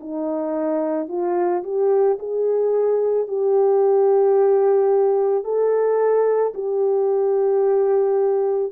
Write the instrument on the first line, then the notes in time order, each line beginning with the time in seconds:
horn
0.00 D#4
1.08 F4
1.64 G4
2.19 G#4
3.28 G4
5.44 A4
6.54 G4